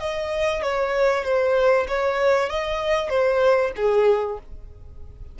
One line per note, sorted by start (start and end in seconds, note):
0.00 0.62 D#5
0.62 1.24 C#5
1.24 1.87 C5
1.88 2.50 C#5
2.50 3.09 D#5
3.09 3.72 C5
3.76 4.39 G#4